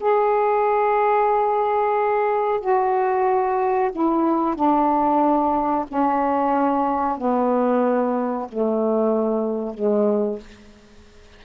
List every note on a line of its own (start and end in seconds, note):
0.00 2.60 G#4
2.60 3.91 F#4
3.92 4.55 E4
4.55 5.86 D4
5.88 7.17 C#4
7.17 8.48 B3
8.49 9.74 A3
9.74 10.39 G#3